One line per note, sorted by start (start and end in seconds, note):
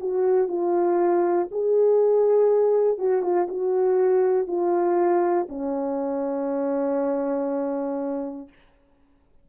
0.00 0.49 F#4
0.49 1.49 F4
1.51 2.98 G#4
2.98 3.22 F#4
3.22 3.47 F4
3.49 4.48 F#4
4.48 5.48 F4
5.49 8.49 C#4